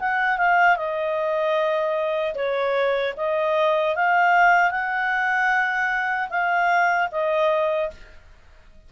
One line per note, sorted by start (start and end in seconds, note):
0.00 0.38 F#5
0.38 0.77 F5
0.77 2.35 D#5
2.35 3.14 C#5
3.17 3.96 D#5
3.96 4.71 F5
4.71 6.29 F#5
6.30 7.09 F5
7.12 7.91 D#5